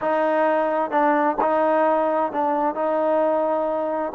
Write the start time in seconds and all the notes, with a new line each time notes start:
0.01 D#4
0.90 D4
1.41 D#4
2.32 D4
2.74 D#4